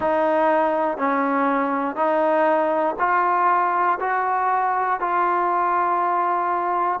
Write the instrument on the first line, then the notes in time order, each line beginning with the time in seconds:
trombone
0.00 D#4
0.97 C#4
1.95 D#4
2.98 F4
4.00 F#4
5.00 F4